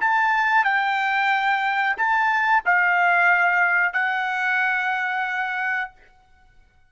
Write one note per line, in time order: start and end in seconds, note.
0.00 0.64 A5
0.64 1.96 G5
1.97 2.63 A5
2.65 3.93 F5
3.93 5.91 F#5